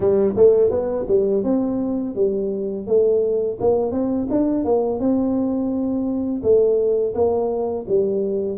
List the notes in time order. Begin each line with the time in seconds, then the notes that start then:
0.00 G3
0.36 A3
0.70 B3
1.07 G3
1.43 C4
2.15 G3
2.86 A3
3.60 A#3
3.91 C4
4.30 D4
4.64 A#3
4.99 C4
6.42 A3
7.14 A#3
7.88 G3